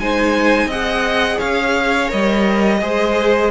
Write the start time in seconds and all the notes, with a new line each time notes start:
0.00 G#3 D#4 C5 G#5
0.66 C4 G#4 D#5 F#5
1.38 C#4 C#5 F5
2.08 G3 A#4 D#5
2.81 G#3 G#4 C5